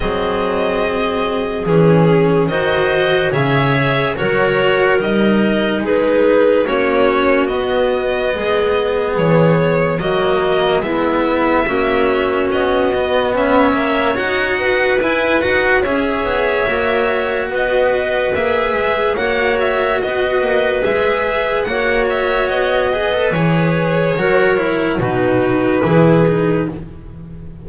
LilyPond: <<
  \new Staff \with { instrumentName = "violin" } { \time 4/4 \tempo 4 = 72 dis''2 gis'4 dis''4 | e''4 cis''4 dis''4 b'4 | cis''4 dis''2 cis''4 | dis''4 e''2 dis''4 |
e''4 fis''4 gis''8 fis''8 e''4~ | e''4 dis''4 e''4 fis''8 e''8 | dis''4 e''4 fis''8 e''8 dis''4 | cis''2 b'2 | }
  \new Staff \with { instrumentName = "clarinet" } { \time 4/4 gis'2. c''4 | cis''4 ais'2 gis'4 | fis'2 gis'2 | fis'4 e'4 fis'2 |
cis''4. b'4. cis''4~ | cis''4 b'2 cis''4 | b'2 cis''4. b'8~ | b'4 ais'4 fis'4 gis'4 | }
  \new Staff \with { instrumentName = "cello" } { \time 4/4 c'2 cis'4 fis'4 | gis'4 fis'4 dis'2 | cis'4 b2. | ais4 b4 cis'4. b8~ |
b8 ais8 fis'4 e'8 fis'8 gis'4 | fis'2 gis'4 fis'4~ | fis'4 gis'4 fis'4. gis'16 a'16 | gis'4 fis'8 e'8 dis'4 e'8 dis'8 | }
  \new Staff \with { instrumentName = "double bass" } { \time 4/4 fis2 e4 dis4 | cis4 fis4 g4 gis4 | ais4 b4 gis4 e4 | fis4 gis4 ais4 b4 |
cis'4 dis'4 e'8 dis'8 cis'8 b8 | ais4 b4 ais8 gis8 ais4 | b8 ais8 gis4 ais4 b4 | e4 fis4 b,4 e4 | }
>>